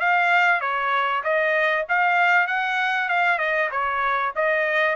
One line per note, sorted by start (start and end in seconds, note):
0.00 0.61 F5
0.61 1.23 C#5
1.24 1.86 D#5
1.89 2.47 F5
2.47 3.09 F#5
3.09 3.39 F5
3.39 3.70 D#5
3.71 4.33 C#5
4.36 4.96 D#5